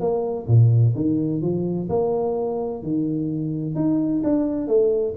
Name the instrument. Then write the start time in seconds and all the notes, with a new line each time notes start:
tuba
0.00 A#3
0.47 A#2
0.95 D#3
1.42 F3
1.89 A#3
2.83 D#3
3.75 D#4
4.23 D4
4.67 A3